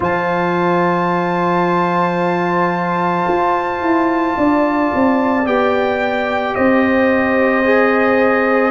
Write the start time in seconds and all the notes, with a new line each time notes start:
0.00 F3 F4 C5 A5
3.28 F4
3.81 E4
4.36 D4 D5
4.94 C4
5.45 B3 G4 G5
6.54 C4 C5 D#5
7.63 G#4